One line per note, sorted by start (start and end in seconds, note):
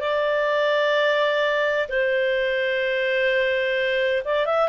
0.00 1.87 D5
1.88 4.23 C5
4.24 4.46 D5
4.46 4.68 E5